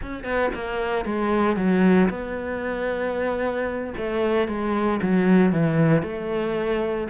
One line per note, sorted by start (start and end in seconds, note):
0.01 0.23 C#4
0.23 0.50 B3
0.54 1.05 A#3
1.05 1.56 G#3
1.56 2.09 F#3
2.09 3.93 B3
3.97 4.47 A3
4.47 5.00 G#3
5.01 5.52 F#3
5.52 6.02 E3
6.02 7.08 A3